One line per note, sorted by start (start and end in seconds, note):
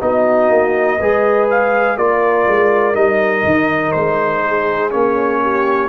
0.00 0.49 B3
0.00 0.98 D#4
0.00 0.99 F#4
0.00 1.49 D#5
0.49 0.98 A#3
0.99 1.97 G#3
0.99 1.97 G#4
0.99 1.97 B4
1.50 1.97 F5
1.97 2.46 A#3
1.97 2.94 F4
1.97 4.44 A#4
1.97 2.95 D5
2.47 2.95 G#3
2.94 3.44 G3
2.94 4.90 D#4
2.94 3.91 D#5
3.44 3.93 D#3
3.91 4.93 G#3
3.91 4.90 C5
4.44 5.42 G#4
4.90 5.88 A#3
4.90 5.88 C#4
4.90 5.88 C#5
5.42 5.88 G4